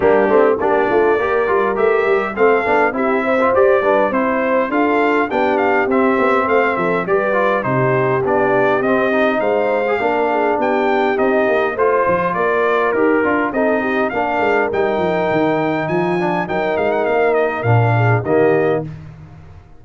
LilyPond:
<<
  \new Staff \with { instrumentName = "trumpet" } { \time 4/4 \tempo 4 = 102 g'4 d''2 e''4 | f''4 e''4 d''4 c''4 | f''4 g''8 f''8 e''4 f''8 e''8 | d''4 c''4 d''4 dis''4 |
f''2 g''4 dis''4 | c''4 d''4 ais'4 dis''4 | f''4 g''2 gis''4 | g''8 f''16 fis''16 f''8 dis''8 f''4 dis''4 | }
  \new Staff \with { instrumentName = "horn" } { \time 4/4 d'4 g'8 f'8 ais'2 | a'4 g'8 c''4 b'8 c''4 | a'4 g'2 c''8 a'8 | b'4 g'2. |
c''4 ais'8 gis'8 g'2 | c''4 ais'2 a'8 g'8 | ais'2. f'4 | ais'2~ ais'8 gis'8 g'4 | }
  \new Staff \with { instrumentName = "trombone" } { \time 4/4 ais8 c'8 d'4 g'8 f'8 g'4 | c'8 d'8 e'8. f'16 g'8 d'8 e'4 | f'4 d'4 c'2 | g'8 f'8 dis'4 d'4 c'8 dis'8~ |
dis'8. gis'16 d'2 dis'4 | f'2 g'8 f'8 dis'4 | d'4 dis'2~ dis'8 d'8 | dis'2 d'4 ais4 | }
  \new Staff \with { instrumentName = "tuba" } { \time 4/4 g8 a8 ais8 a8 ais8 g8 a8 g8 | a8 b8 c'4 g'8 g8 c'4 | d'4 b4 c'8 b8 a8 f8 | g4 c4 b4 c'4 |
gis4 ais4 b4 c'8 ais8 | a8 f8 ais4 dis'8 d'8 c'4 | ais8 gis8 g8 f8 dis4 f4 | fis8 gis8 ais4 ais,4 dis4 | }
>>